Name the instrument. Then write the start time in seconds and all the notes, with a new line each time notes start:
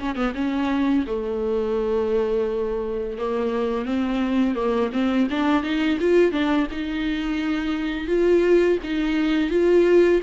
viola
0.00 C#4
0.15 B3
0.35 C#4
1.07 A3
3.18 A#3
3.85 C4
4.55 A#3
4.93 C4
5.30 D4
5.63 D#4
6.00 F4
6.32 D4
6.72 D#4
8.08 F4
8.84 D#4
9.50 F4